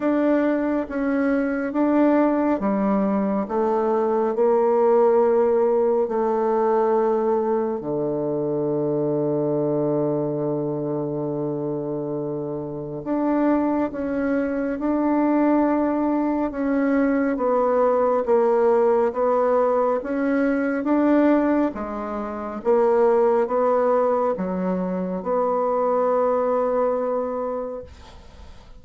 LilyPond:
\new Staff \with { instrumentName = "bassoon" } { \time 4/4 \tempo 4 = 69 d'4 cis'4 d'4 g4 | a4 ais2 a4~ | a4 d2.~ | d2. d'4 |
cis'4 d'2 cis'4 | b4 ais4 b4 cis'4 | d'4 gis4 ais4 b4 | fis4 b2. | }